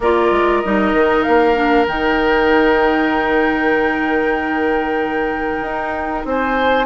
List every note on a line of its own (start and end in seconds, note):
0.00 0.31 A#3
0.00 0.64 F4
0.00 6.26 A#4
0.00 0.61 D5
0.31 0.62 G#3
0.61 0.93 G3
0.61 1.55 D#4
0.61 1.22 D#5
0.93 1.24 D#3
1.22 1.87 A#3
1.22 1.85 F5
1.55 1.86 D4
1.87 5.61 D#3
1.87 6.86 D#4
1.87 6.25 G5
5.61 6.24 D#4
6.24 6.86 C4
6.24 6.86 C5
6.24 6.86 G#5